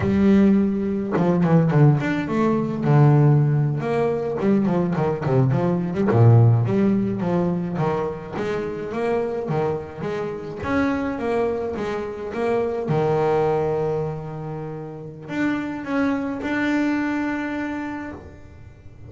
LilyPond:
\new Staff \with { instrumentName = "double bass" } { \time 4/4 \tempo 4 = 106 g2 f8 e8 d8 d'8 | a4 d4.~ d16 ais4 g16~ | g16 f8 dis8 c8 f8. g16 ais,4 g16~ | g8. f4 dis4 gis4 ais16~ |
ais8. dis4 gis4 cis'4 ais16~ | ais8. gis4 ais4 dis4~ dis16~ | dis2. d'4 | cis'4 d'2. | }